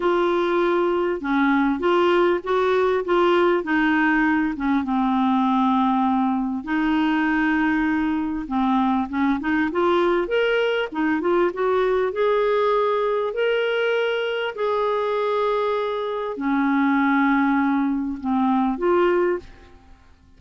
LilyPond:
\new Staff \with { instrumentName = "clarinet" } { \time 4/4 \tempo 4 = 99 f'2 cis'4 f'4 | fis'4 f'4 dis'4. cis'8 | c'2. dis'4~ | dis'2 c'4 cis'8 dis'8 |
f'4 ais'4 dis'8 f'8 fis'4 | gis'2 ais'2 | gis'2. cis'4~ | cis'2 c'4 f'4 | }